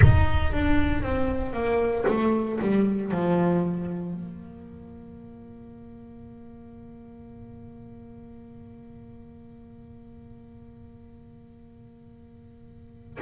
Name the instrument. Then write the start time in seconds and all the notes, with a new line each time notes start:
double bass
0.02 D#4
0.52 D4
1.02 C4
1.53 A#3
2.07 A3
2.61 G3
3.11 F3
4.13 A#3